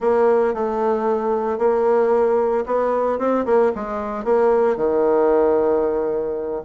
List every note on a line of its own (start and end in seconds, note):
0.00 0.53 A#3
0.54 1.58 A3
1.58 2.64 A#3
2.65 3.18 B3
3.18 3.45 C4
3.45 3.72 A#3
3.75 4.24 G#3
4.24 4.76 A#3
4.76 6.62 D#3